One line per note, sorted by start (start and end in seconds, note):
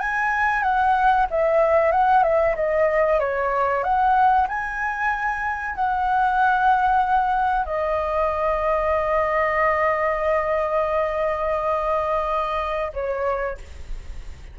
0.00 0.63 G#5
0.63 1.27 F#5
1.31 1.92 E5
1.92 2.23 F#5
2.23 2.55 E5
2.56 3.20 D#5
3.20 3.84 C#5
3.84 4.48 F#5
4.49 5.75 G#5
5.75 7.66 F#5
7.66 12.92 D#5
12.94 13.58 C#5